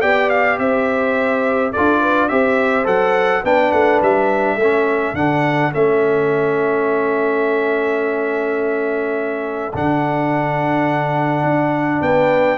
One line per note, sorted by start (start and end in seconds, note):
0.00 0.58 B3
0.00 1.72 G4
0.00 0.57 D5
0.00 0.29 G5
0.29 0.58 F5
0.58 1.72 C4
0.58 1.72 C5
0.58 1.72 E5
1.72 2.30 D4
1.72 2.29 F4
1.72 2.00 A4
1.72 2.28 D5
2.00 2.29 B4
2.28 2.86 C4
2.28 2.84 G4
2.28 3.44 C5
2.28 2.85 E5
2.84 3.43 F#3
2.84 3.41 A4
2.84 3.44 F#5
3.43 3.72 B3
3.43 4.58 D4
3.43 4.58 B4
3.43 3.71 G5
3.71 4.00 A3
3.71 4.00 F#5
4.02 4.56 G3
4.02 5.15 E5
4.56 5.13 A3
4.56 5.15 C#4
4.56 12.01 A4
5.13 5.70 D3
5.13 5.72 D4
5.13 5.72 F#5
5.72 9.74 A3
5.72 9.72 C#4
5.72 9.74 E5
9.73 11.43 D3
9.73 12.57 D4
9.73 12.01 F#5
11.43 12.00 D4
12.01 12.57 B3
12.01 12.57 B4
12.01 12.57 G5